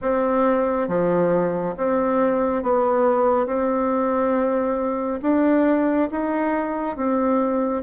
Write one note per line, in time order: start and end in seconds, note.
0.01 0.88 C4
0.88 1.75 F3
1.77 2.62 C4
2.62 3.46 B3
3.46 5.20 C4
5.22 6.09 D4
6.11 6.96 D#4
6.96 7.82 C4